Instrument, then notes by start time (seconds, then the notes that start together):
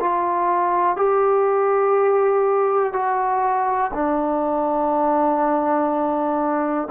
trombone
0.00 F4
0.97 G4
2.93 F#4
3.94 D4